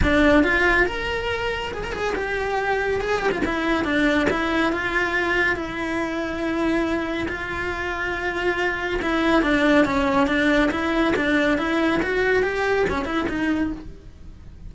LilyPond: \new Staff \with { instrumentName = "cello" } { \time 4/4 \tempo 4 = 140 d'4 f'4 ais'2 | gis'16 ais'16 gis'8 g'2 gis'8 g'16 f'16 | e'4 d'4 e'4 f'4~ | f'4 e'2.~ |
e'4 f'2.~ | f'4 e'4 d'4 cis'4 | d'4 e'4 d'4 e'4 | fis'4 g'4 cis'8 e'8 dis'4 | }